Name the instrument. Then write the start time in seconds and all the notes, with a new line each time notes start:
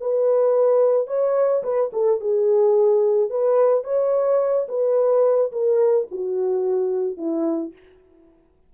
horn
0.00 B4
1.07 C#5
1.63 B4
1.92 A4
2.20 G#4
3.30 B4
3.83 C#5
4.68 B4
5.52 A#4
6.11 F#4
7.17 E4